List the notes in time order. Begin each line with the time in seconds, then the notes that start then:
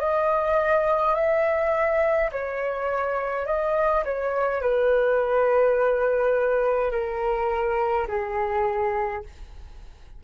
0.00 D#5
1.15 E5
2.32 C#5
3.47 D#5
4.05 C#5
4.62 B4
6.92 A#4
8.08 G#4